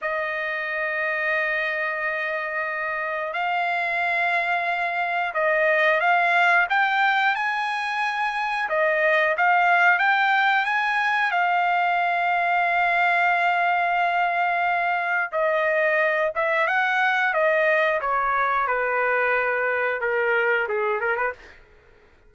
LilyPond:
\new Staff \with { instrumentName = "trumpet" } { \time 4/4 \tempo 4 = 90 dis''1~ | dis''4 f''2. | dis''4 f''4 g''4 gis''4~ | gis''4 dis''4 f''4 g''4 |
gis''4 f''2.~ | f''2. dis''4~ | dis''8 e''8 fis''4 dis''4 cis''4 | b'2 ais'4 gis'8 ais'16 b'16 | }